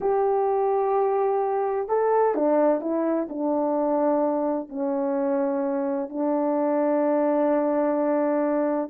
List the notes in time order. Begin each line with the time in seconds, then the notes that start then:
0.00 G4
1.88 A4
2.34 D4
2.80 E4
3.29 D4
4.69 C#4
6.09 D4